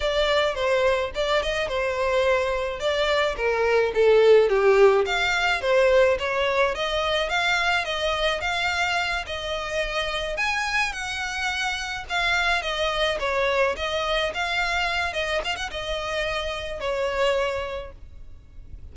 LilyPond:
\new Staff \with { instrumentName = "violin" } { \time 4/4 \tempo 4 = 107 d''4 c''4 d''8 dis''8 c''4~ | c''4 d''4 ais'4 a'4 | g'4 f''4 c''4 cis''4 | dis''4 f''4 dis''4 f''4~ |
f''8 dis''2 gis''4 fis''8~ | fis''4. f''4 dis''4 cis''8~ | cis''8 dis''4 f''4. dis''8 f''16 fis''16 | dis''2 cis''2 | }